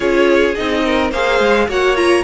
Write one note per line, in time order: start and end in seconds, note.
0.00 0.55 C#4
0.00 0.55 F4
0.00 0.82 G#4
0.00 0.54 C#5
0.54 1.11 C4
0.54 1.12 D#4
0.54 1.10 D#5
0.85 1.11 A#4
1.11 1.39 A#3
1.11 1.69 G#4
1.11 1.67 C5
1.11 1.68 F5
1.39 1.67 G#3
1.68 2.23 A#3
1.68 1.95 F#4
1.68 2.23 C#5
1.68 1.96 F#5
1.95 2.23 F4
1.95 2.23 A#5